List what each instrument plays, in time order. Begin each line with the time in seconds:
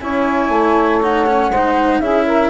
0.00 bassoon C#4, cello E4, saxophone C#5, flute G#5
0.49 bassoon A3
1.01 cello D#4, flute F#5
1.26 cello C#4
1.49 bassoon G#3, saxophone C5
1.55 cello D#4
1.99 bassoon C#4, cello E4, saxophone G#4, flute E5
2.26 saxophone A#4